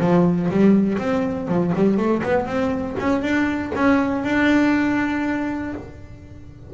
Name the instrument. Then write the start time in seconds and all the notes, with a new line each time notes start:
double bass
0.00 F3
0.50 G3
0.99 C4
1.48 F3
1.76 G3
1.97 A3
2.23 B3
2.46 C4
2.99 C#4
3.22 D4
3.75 C#4
4.24 D4